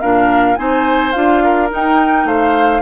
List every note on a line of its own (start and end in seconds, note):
0.00 0.58 A#2
0.00 0.57 D4
0.00 0.58 A#4
0.00 0.56 F5
0.56 1.14 C4
0.56 1.13 D#4
0.56 1.44 C5
0.56 1.12 G#5
1.12 1.72 D4
1.12 1.69 F4
1.12 1.68 F5
1.44 2.27 A#4
1.69 2.82 D#4
1.69 2.25 D#4
1.69 2.27 G5
2.25 2.81 A3
2.25 2.82 C5
2.25 2.82 F5